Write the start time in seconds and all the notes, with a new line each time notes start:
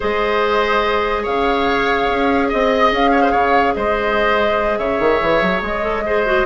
0.00 G#3 G#4 C5 D#5
1.23 C#3 C#5 F5
2.09 C#4
2.48 C4 D#5
2.92 C#4 F5
3.11 C#5
3.21 C5
3.31 C#3 C#5
3.74 G#3 C5 D#5
4.77 C#3 C#5 E5
4.99 D#3
5.21 E3
5.41 F#3
5.61 G#3 D#5
5.82 A4
6.05 G#4 C5
6.26 F#4